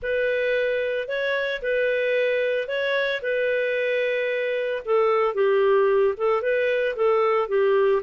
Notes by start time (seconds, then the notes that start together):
0.02 B4
1.07 C#5
1.62 B4
2.67 C#5
3.21 B4
4.85 A4
5.34 G4
6.17 A4
6.42 B4
6.96 A4
7.48 G4